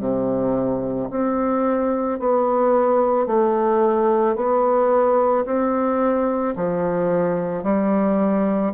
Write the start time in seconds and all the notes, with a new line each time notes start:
0.00 C3
1.10 C4
2.20 B3
3.27 A3
4.36 B3
5.45 C4
6.56 F3
7.64 G3